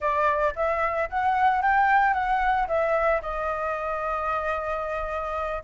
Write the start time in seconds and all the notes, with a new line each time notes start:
0.00 D5
0.55 E5
1.09 F#5
1.62 G5
2.13 F#5
2.67 E5
3.22 D#5